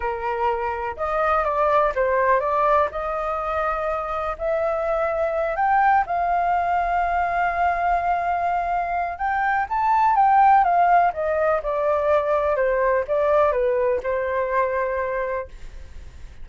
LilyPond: \new Staff \with { instrumentName = "flute" } { \time 4/4 \tempo 4 = 124 ais'2 dis''4 d''4 | c''4 d''4 dis''2~ | dis''4 e''2~ e''8 g''8~ | g''8 f''2.~ f''8~ |
f''2. g''4 | a''4 g''4 f''4 dis''4 | d''2 c''4 d''4 | b'4 c''2. | }